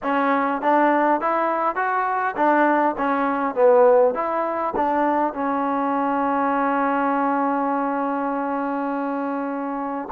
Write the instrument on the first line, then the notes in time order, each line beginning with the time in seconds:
trombone
0.02 C#4
0.61 D4
1.20 E4
1.75 F#4
2.36 D4
2.97 C#4
3.55 B3
4.14 E4
4.76 D4
5.33 C#4